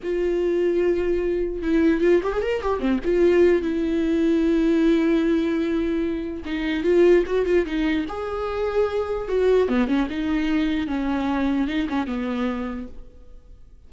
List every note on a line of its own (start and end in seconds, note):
0.03 1.62 F4
1.62 2.00 E4
2.00 2.21 F4
2.23 2.32 G4
2.32 2.42 G#4
2.42 2.61 A#4
2.61 2.79 G4
2.79 2.99 C4
3.04 3.61 F4
3.61 6.43 E4
6.45 6.83 D#4
6.83 7.24 F4
7.26 7.45 F#4
7.45 7.65 F4
7.65 8.05 D#4
8.08 9.28 G#4
9.28 9.68 F#4
9.68 9.87 B3
9.87 10.07 C#4
10.09 10.87 D#4
10.87 11.67 C#4
11.67 11.87 D#4
11.89 12.07 C#4
12.07 12.87 B3